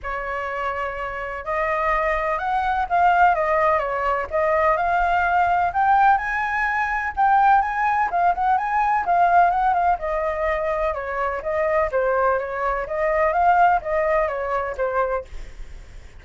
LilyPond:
\new Staff \with { instrumentName = "flute" } { \time 4/4 \tempo 4 = 126 cis''2. dis''4~ | dis''4 fis''4 f''4 dis''4 | cis''4 dis''4 f''2 | g''4 gis''2 g''4 |
gis''4 f''8 fis''8 gis''4 f''4 | fis''8 f''8 dis''2 cis''4 | dis''4 c''4 cis''4 dis''4 | f''4 dis''4 cis''4 c''4 | }